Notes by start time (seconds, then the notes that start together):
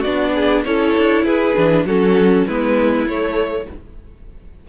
0.00 B3 D4 F#4 D5
0.35 G#4
0.65 C#4 E4 A4 C#5
0.97 D4
1.24 E4 G#4 B4
1.57 E3 D4
1.85 F#3 C#4 F#4 A4
2.47 G#3 B3 E4 B4
3.06 A3 C#5